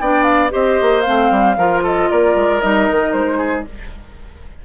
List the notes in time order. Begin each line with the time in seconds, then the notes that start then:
0.00 B3 D4 D5 G5
0.23 F5
0.50 C4 G4 C5 D#5
0.81 A#3
1.01 C4 F5
1.07 A3
1.31 G3
1.57 F3 F4 A#4
1.83 A4 D#5
2.10 A#3 A#4 D5
2.35 G#3
2.61 G3 D#4 D#5
2.91 D#3
3.12 G#3 C5
3.37 G#4